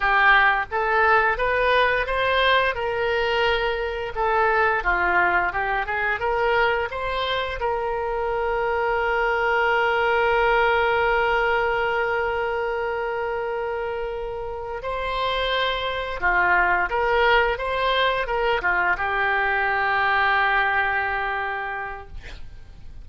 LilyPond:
\new Staff \with { instrumentName = "oboe" } { \time 4/4 \tempo 4 = 87 g'4 a'4 b'4 c''4 | ais'2 a'4 f'4 | g'8 gis'8 ais'4 c''4 ais'4~ | ais'1~ |
ais'1~ | ais'4. c''2 f'8~ | f'8 ais'4 c''4 ais'8 f'8 g'8~ | g'1 | }